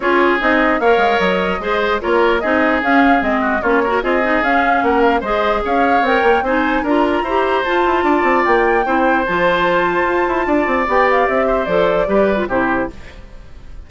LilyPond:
<<
  \new Staff \with { instrumentName = "flute" } { \time 4/4 \tempo 4 = 149 cis''4 dis''4 f''4 dis''4~ | dis''4 cis''4 dis''4 f''4 | dis''4 cis''4 dis''4 f''4 | fis''8 f''8 dis''4 f''4 g''4 |
gis''4 ais''2 a''4~ | a''4 g''2 a''4~ | a''2. g''8 f''8 | e''4 d''2 c''4 | }
  \new Staff \with { instrumentName = "oboe" } { \time 4/4 gis'2 cis''2 | c''4 ais'4 gis'2~ | gis'8 fis'8 f'8 ais'8 gis'2 | ais'4 c''4 cis''2 |
c''4 ais'4 c''2 | d''2 c''2~ | c''2 d''2~ | d''8 c''4. b'4 g'4 | }
  \new Staff \with { instrumentName = "clarinet" } { \time 4/4 f'4 dis'4 ais'2 | gis'4 f'4 dis'4 cis'4 | c'4 cis'8 fis'8 f'8 dis'8 cis'4~ | cis'4 gis'2 ais'4 |
dis'4 f'4 g'4 f'4~ | f'2 e'4 f'4~ | f'2. g'4~ | g'4 a'4 g'8. f'16 e'4 | }
  \new Staff \with { instrumentName = "bassoon" } { \time 4/4 cis'4 c'4 ais8 gis8 fis4 | gis4 ais4 c'4 cis'4 | gis4 ais4 c'4 cis'4 | ais4 gis4 cis'4 c'8 ais8 |
c'4 d'4 e'4 f'8 e'8 | d'8 c'8 ais4 c'4 f4~ | f4 f'8 e'8 d'8 c'8 b4 | c'4 f4 g4 c4 | }
>>